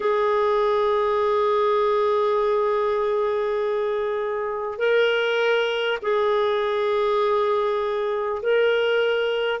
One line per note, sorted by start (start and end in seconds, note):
0.00 4.78 G#4
4.78 5.98 A#4
6.02 8.42 G#4
8.42 9.60 A#4